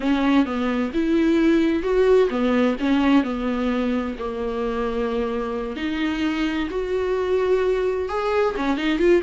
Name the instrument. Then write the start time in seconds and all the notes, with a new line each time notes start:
viola
0.00 C#4
0.45 B3
0.93 E4
1.82 F#4
2.30 B3
2.79 C#4
3.23 B3
4.19 A#3
5.76 D#4
6.70 F#4
8.09 G#4
8.56 C#4
8.77 D#4
8.99 F4